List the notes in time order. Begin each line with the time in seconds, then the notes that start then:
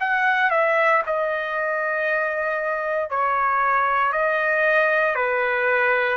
0.00 F#5
0.51 E5
1.07 D#5
3.10 C#5
4.13 D#5
5.16 B4